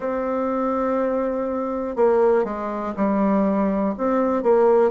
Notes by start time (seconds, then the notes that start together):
0.00 C4
1.95 A#3
2.44 G#3
2.96 G3
3.97 C4
4.42 A#3